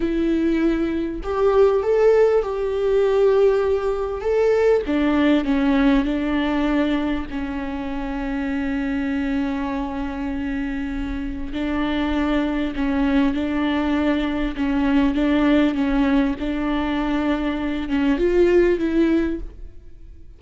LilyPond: \new Staff \with { instrumentName = "viola" } { \time 4/4 \tempo 4 = 99 e'2 g'4 a'4 | g'2. a'4 | d'4 cis'4 d'2 | cis'1~ |
cis'2. d'4~ | d'4 cis'4 d'2 | cis'4 d'4 cis'4 d'4~ | d'4. cis'8 f'4 e'4 | }